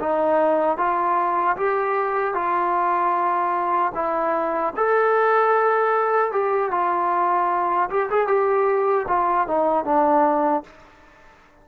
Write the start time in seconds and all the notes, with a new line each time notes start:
0.00 D#4
0.77 F4
1.56 G4
2.34 F4
3.95 E4
4.76 A4
6.32 G4
6.71 F4
7.90 G4
8.10 G#4
8.27 G4
9.08 F4
9.47 D#4
9.85 D4